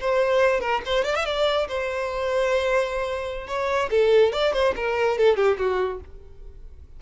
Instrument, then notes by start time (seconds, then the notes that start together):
violin
0.00 C5
0.61 A#4
0.86 C5
1.05 D5
1.16 E5
1.26 D5
1.68 C5
3.48 C#5
3.90 A4
4.33 D5
4.53 C5
4.76 A#4
5.18 A4
5.36 G4
5.58 F#4